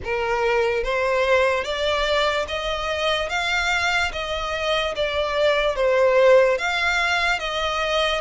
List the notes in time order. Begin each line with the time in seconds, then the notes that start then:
0.04 A#4
0.83 C5
1.64 D5
2.48 D#5
3.29 F5
4.12 D#5
4.95 D5
5.75 C5
6.58 F5
7.39 D#5